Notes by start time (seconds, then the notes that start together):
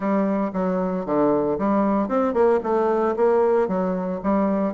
0.00 G3
0.53 F#3
1.05 D3
1.58 G3
2.08 C4
2.33 A#3
2.63 A3
3.16 A#3
3.67 F#3
4.23 G3